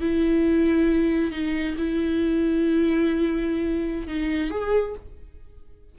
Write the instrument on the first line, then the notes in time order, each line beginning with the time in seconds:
viola
0.00 E4
1.31 D#4
1.77 E4
4.07 D#4
4.50 G#4